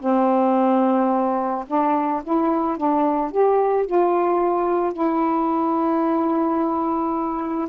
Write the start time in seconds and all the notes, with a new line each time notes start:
0.00 C4
1.67 D4
2.23 E4
2.77 D4
3.31 G4
3.86 F4
4.93 E4